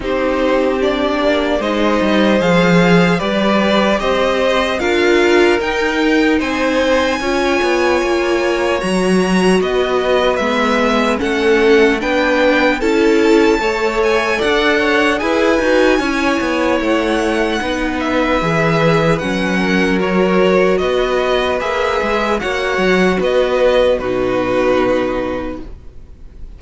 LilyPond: <<
  \new Staff \with { instrumentName = "violin" } { \time 4/4 \tempo 4 = 75 c''4 d''4 dis''4 f''4 | d''4 dis''4 f''4 g''4 | gis''2. ais''4 | dis''4 e''4 fis''4 g''4 |
a''4. gis''8 fis''4 gis''4~ | gis''4 fis''4. e''4. | fis''4 cis''4 dis''4 e''4 | fis''4 dis''4 b'2 | }
  \new Staff \with { instrumentName = "violin" } { \time 4/4 g'2 c''2 | b'4 c''4 ais'2 | c''4 cis''2. | b'2 a'4 b'4 |
a'4 cis''4 d''8 cis''8 b'4 | cis''2 b'2~ | b'8 ais'4. b'2 | cis''4 b'4 fis'2 | }
  \new Staff \with { instrumentName = "viola" } { \time 4/4 dis'4 d'4 dis'4 gis'4 | g'2 f'4 dis'4~ | dis'4 f'2 fis'4~ | fis'4 b4 cis'4 d'4 |
e'4 a'2 gis'8 fis'8 | e'2 dis'4 gis'4 | cis'4 fis'2 gis'4 | fis'2 dis'2 | }
  \new Staff \with { instrumentName = "cello" } { \time 4/4 c'4. ais8 gis8 g8 f4 | g4 c'4 d'4 dis'4 | c'4 cis'8 b8 ais4 fis4 | b4 gis4 a4 b4 |
cis'4 a4 d'4 e'8 dis'8 | cis'8 b8 a4 b4 e4 | fis2 b4 ais8 gis8 | ais8 fis8 b4 b,2 | }
>>